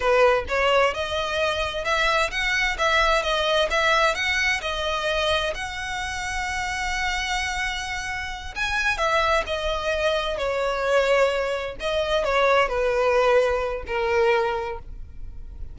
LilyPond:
\new Staff \with { instrumentName = "violin" } { \time 4/4 \tempo 4 = 130 b'4 cis''4 dis''2 | e''4 fis''4 e''4 dis''4 | e''4 fis''4 dis''2 | fis''1~ |
fis''2~ fis''8 gis''4 e''8~ | e''8 dis''2 cis''4.~ | cis''4. dis''4 cis''4 b'8~ | b'2 ais'2 | }